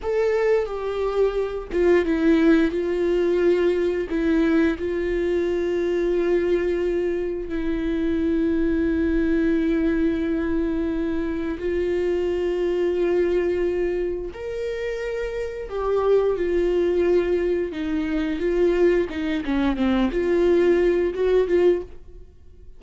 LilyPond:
\new Staff \with { instrumentName = "viola" } { \time 4/4 \tempo 4 = 88 a'4 g'4. f'8 e'4 | f'2 e'4 f'4~ | f'2. e'4~ | e'1~ |
e'4 f'2.~ | f'4 ais'2 g'4 | f'2 dis'4 f'4 | dis'8 cis'8 c'8 f'4. fis'8 f'8 | }